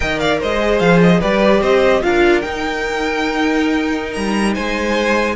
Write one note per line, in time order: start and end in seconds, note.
0.00 0.42 D#3
0.00 0.59 A#4
0.00 0.20 D#5
0.00 0.19 G5
0.19 0.39 D5
0.19 0.39 F5
0.39 0.80 G#3
0.39 1.19 C5
0.39 0.79 D#5
0.60 1.21 G#4
0.79 1.21 F3
0.79 0.99 F5
1.01 1.21 D#5
1.19 1.61 G3
1.19 2.02 G4
1.19 1.60 B4
1.19 1.62 D5
1.60 2.02 C4
1.60 2.01 C5
1.60 2.02 D#5
2.02 2.44 D4
2.02 2.42 F4
2.02 4.53 A#4
2.02 2.41 F5
2.41 5.35 D#4
2.41 4.16 D#4
2.41 4.12 G5
4.12 4.57 G3
4.12 4.53 A#5
4.53 5.35 G#3
4.53 5.35 C5
4.53 5.35 G#5